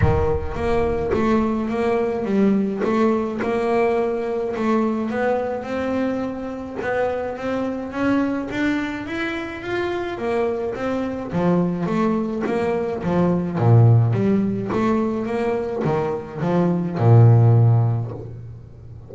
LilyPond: \new Staff \with { instrumentName = "double bass" } { \time 4/4 \tempo 4 = 106 dis4 ais4 a4 ais4 | g4 a4 ais2 | a4 b4 c'2 | b4 c'4 cis'4 d'4 |
e'4 f'4 ais4 c'4 | f4 a4 ais4 f4 | ais,4 g4 a4 ais4 | dis4 f4 ais,2 | }